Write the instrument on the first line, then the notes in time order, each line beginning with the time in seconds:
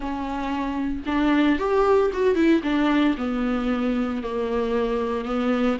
viola
0.00 C#4
1.06 D4
1.58 G4
2.13 F#4
2.35 E4
2.63 D4
3.17 B3
4.22 A#3
5.25 B3